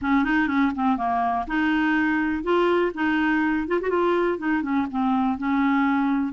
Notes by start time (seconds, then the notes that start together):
0.01 C#4
0.24 D#4
0.47 C#4
0.75 C4
0.97 A#3
1.47 D#4
2.43 F4
2.94 D#4
3.67 F4
3.81 F#4
3.89 F4
4.38 D#4
4.62 C#4
4.90 C4
5.37 C#4